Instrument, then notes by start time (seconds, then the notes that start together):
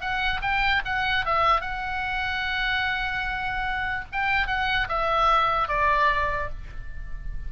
oboe
0.00 F#5
0.41 G5
0.85 F#5
1.25 E5
1.61 F#5
4.12 G5
4.47 F#5
4.88 E5
5.68 D5